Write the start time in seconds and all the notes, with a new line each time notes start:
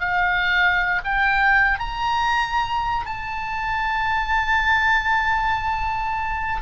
0.00 F5
1.04 G5
1.79 A#5
3.06 A5